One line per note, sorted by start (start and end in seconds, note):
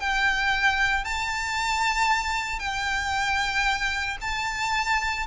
0.00 1.05 G5
1.05 2.60 A5
2.60 4.17 G5
4.22 5.27 A5